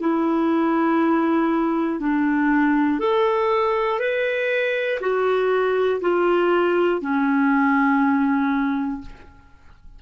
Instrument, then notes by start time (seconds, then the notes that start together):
clarinet
0.00 E4
2.00 D4
3.00 A4
3.99 B4
5.00 F#4
6.01 F4
7.01 C#4